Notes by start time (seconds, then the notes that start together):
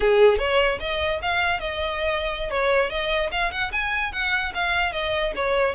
0.00 G#4
0.38 C#5
0.79 D#5
1.22 F5
1.59 D#5
2.50 C#5
2.90 D#5
3.31 F5
3.51 F#5
3.72 G#5
4.12 F#5
4.54 F5
4.92 D#5
5.35 C#5